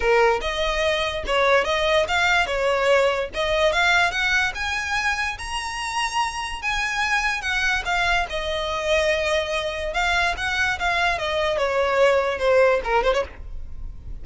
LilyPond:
\new Staff \with { instrumentName = "violin" } { \time 4/4 \tempo 4 = 145 ais'4 dis''2 cis''4 | dis''4 f''4 cis''2 | dis''4 f''4 fis''4 gis''4~ | gis''4 ais''2. |
gis''2 fis''4 f''4 | dis''1 | f''4 fis''4 f''4 dis''4 | cis''2 c''4 ais'8 c''16 cis''16 | }